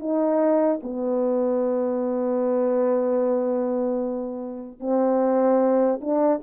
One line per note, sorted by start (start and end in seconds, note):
0.00 0.80 D#4
0.83 4.80 B3
4.80 6.00 C4
6.01 6.41 D4